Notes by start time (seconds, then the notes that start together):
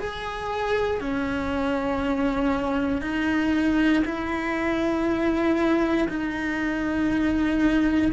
0.00 G#4
1.01 C#4
3.02 D#4
4.05 E4
6.09 D#4